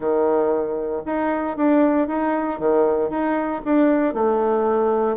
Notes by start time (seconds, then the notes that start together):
0.00 D#3
1.05 D#4
1.57 D4
2.07 D#4
2.59 D#3
3.10 D#4
3.64 D4
4.14 A3